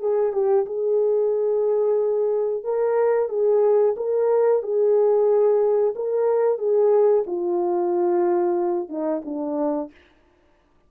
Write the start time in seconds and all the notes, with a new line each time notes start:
0.00 G#4
0.33 G4
0.66 G#4
2.64 A#4
3.29 G#4
3.97 A#4
4.63 G#4
5.96 A#4
6.59 G#4
7.27 F4
8.89 D#4
9.25 D4